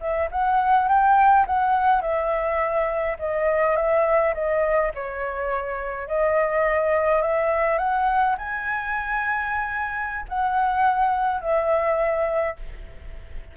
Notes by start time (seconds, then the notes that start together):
0.00 E5
0.31 F#5
0.88 G5
1.47 F#5
2.01 E5
3.19 D#5
3.76 E5
4.34 D#5
4.94 C#5
6.08 D#5
7.22 E5
7.78 F#5
8.38 G#5
10.28 F#5
11.41 E5